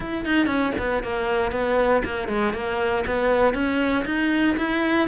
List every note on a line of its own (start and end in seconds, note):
0.00 0.25 E4
0.25 0.46 D#4
0.46 0.72 C#4
0.78 1.03 B3
1.03 1.51 A#3
1.51 2.02 B3
2.04 2.27 A#3
2.27 2.53 G#3
2.53 3.04 A#3
3.06 3.53 B3
3.53 4.04 C#4
4.05 4.56 D#4
4.57 5.08 E4